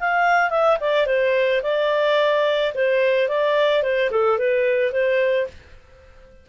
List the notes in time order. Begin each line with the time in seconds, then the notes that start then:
0.00 F5
0.50 E5
0.80 D5
1.06 C5
1.63 D5
2.74 C5
3.28 D5
3.83 C5
4.11 A4
4.38 B4
4.92 C5